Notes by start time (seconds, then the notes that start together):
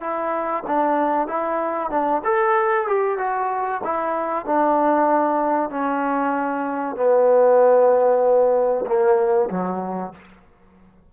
0.00 E4
0.67 D4
1.27 E4
1.90 D4
2.24 A4
2.87 G4
3.18 F#4
3.84 E4
4.45 D4
5.70 C#4
6.96 B3
8.86 A#3
9.50 F#3